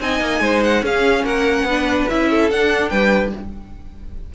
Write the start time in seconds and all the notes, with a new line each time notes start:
0.00 C4 D#4 D#5 G#5
0.20 A#3
0.40 G#3 C5
0.63 F#5
0.82 C#4 G#4 F5
1.24 A#3 A#4 F#5
1.63 B3 D4 B4
2.09 C#4 E4 E5
2.30 A4
2.50 D4 F#5
2.89 G3 B4 G5